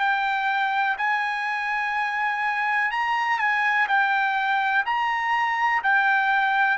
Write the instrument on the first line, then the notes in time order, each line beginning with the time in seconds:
trumpet
0.00 G5
0.98 G#5
2.91 A#5
3.39 G#5
3.88 G5
4.86 A#5
5.84 G5